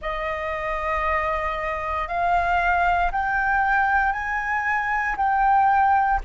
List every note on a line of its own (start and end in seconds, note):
0.01 2.07 D#5
2.07 3.11 F5
3.11 4.12 G5
4.12 5.15 G#5
5.17 6.20 G5